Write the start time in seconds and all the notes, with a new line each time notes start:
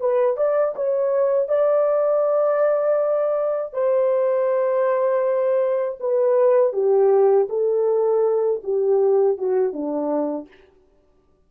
0.00 B4
0.37 D5
0.76 C#5
1.48 D5
3.73 C5
6.00 B4
6.73 G4
7.49 A4
8.64 G4
9.38 F#4
9.73 D4